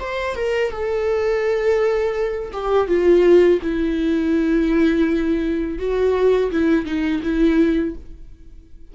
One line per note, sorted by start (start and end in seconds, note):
0.00 0.36 C5
0.36 0.71 A#4
0.71 2.52 A4
2.52 2.88 G4
2.88 3.60 F4
3.62 5.79 E4
5.79 6.51 F#4
6.51 6.85 E4
6.85 7.22 D#4
7.23 7.95 E4